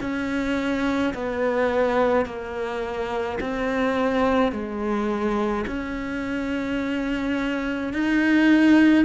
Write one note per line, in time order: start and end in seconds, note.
0.00 1.13 C#4
1.14 2.25 B3
2.25 3.39 A#3
3.40 4.52 C4
4.52 5.65 G#3
5.67 7.93 C#4
7.93 9.05 D#4